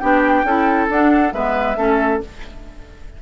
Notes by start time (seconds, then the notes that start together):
0.00 B3 D4 G4 G5
0.44 C#4 E4 A4
0.90 D4 F#5
1.33 G#3 B3 B4 E5
1.76 A3 C#4 A4